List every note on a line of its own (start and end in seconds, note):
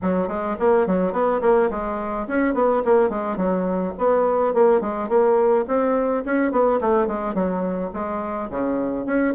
0.02 0.28 F#3
0.28 0.56 G#3
0.59 0.86 A#3
0.86 1.12 F#3
1.12 1.40 B3
1.41 1.69 A#3
1.70 2.27 G#3
2.27 2.54 C#4
2.54 2.82 B3
2.84 3.09 A#3
3.09 3.36 G#3
3.36 3.93 F#3
3.98 4.54 B3
4.54 4.81 A#3
4.81 5.08 G#3
5.08 5.65 A#3
5.67 6.24 C4
6.25 6.51 C#4
6.51 6.79 B3
6.80 7.07 A3
7.07 7.34 G#3
7.34 7.91 F#3
7.93 8.50 G#3
8.50 9.06 C#3
9.06 9.34 C#4